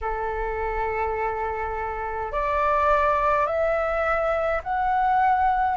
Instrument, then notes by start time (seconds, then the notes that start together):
flute
0.01 A4
2.31 D5
3.46 E5
4.63 F#5